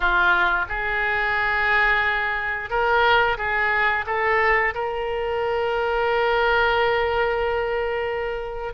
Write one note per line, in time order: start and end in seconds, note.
0.00 0.65 F4
0.68 2.70 G#4
2.70 3.37 A#4
3.37 4.05 G#4
4.06 4.73 A4
4.74 8.73 A#4